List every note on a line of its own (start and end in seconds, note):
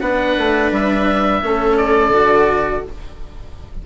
0.00 0.36 B3
0.00 1.42 D4
0.00 1.42 B4
0.00 0.71 F#5
0.37 0.71 A3
0.71 1.42 G3
0.71 1.77 E5
1.42 2.11 A3
1.42 2.13 C#4
1.42 2.86 A4
1.77 2.83 D5
2.11 2.82 D3
2.11 2.84 F#4